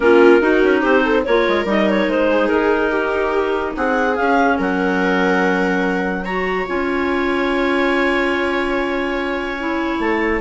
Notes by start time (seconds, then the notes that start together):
0.00 A#3 C#4 F4 A#4
0.40 D#4 F#4
0.62 C#4
0.81 C4 G4 C5
1.04 A4
1.24 A#3 F4 A#4 C#5
1.47 G#3
1.64 G3 D#4 D#5
1.89 C#5
2.07 G#3 C5
2.30 G#4
2.48 D#4 A#4
2.90 G4
3.76 C4 G#4 F#5
4.15 C#4 F5
4.58 F#3 A#4 F#5
6.24 F#4 C#5 A#5
6.66 C#4 F4 G#5
9.58 E4
9.99 A3 A5